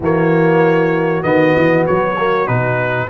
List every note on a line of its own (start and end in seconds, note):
0.00 1.23 E3
0.00 1.22 A#3
0.00 3.07 F#4
0.00 1.22 C#5
1.22 1.55 D#3
1.22 2.15 B3
1.22 1.84 D#5
1.56 1.86 E3
1.86 2.48 F#3
1.86 2.47 C#5
2.17 2.46 A#3
2.46 3.09 B2
2.46 3.08 D#4
2.46 3.09 B4